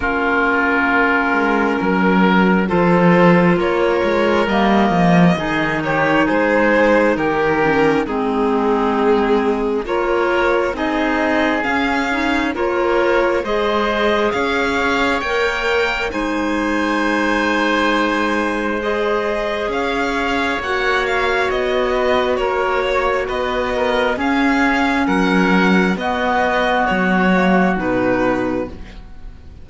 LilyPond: <<
  \new Staff \with { instrumentName = "violin" } { \time 4/4 \tempo 4 = 67 ais'2. c''4 | cis''4 dis''4. cis''8 c''4 | ais'4 gis'2 cis''4 | dis''4 f''4 cis''4 dis''4 |
f''4 g''4 gis''2~ | gis''4 dis''4 f''4 fis''8 f''8 | dis''4 cis''4 dis''4 f''4 | fis''4 dis''4 cis''4 b'4 | }
  \new Staff \with { instrumentName = "oboe" } { \time 4/4 f'2 ais'4 a'4 | ais'2 gis'8 g'8 gis'4 | g'4 dis'2 ais'4 | gis'2 ais'4 c''4 |
cis''2 c''2~ | c''2 cis''2~ | cis''8 b'8 ais'8 cis''8 b'8 ais'8 gis'4 | ais'4 fis'2. | }
  \new Staff \with { instrumentName = "clarinet" } { \time 4/4 cis'2. f'4~ | f'4 ais4 dis'2~ | dis'8 cis'8 c'2 f'4 | dis'4 cis'8 dis'8 f'4 gis'4~ |
gis'4 ais'4 dis'2~ | dis'4 gis'2 fis'4~ | fis'2. cis'4~ | cis'4 b4. ais8 dis'4 | }
  \new Staff \with { instrumentName = "cello" } { \time 4/4 ais4. gis8 fis4 f4 | ais8 gis8 g8 f8 dis4 gis4 | dis4 gis2 ais4 | c'4 cis'4 ais4 gis4 |
cis'4 ais4 gis2~ | gis2 cis'4 ais4 | b4 ais4 b4 cis'4 | fis4 b4 fis4 b,4 | }
>>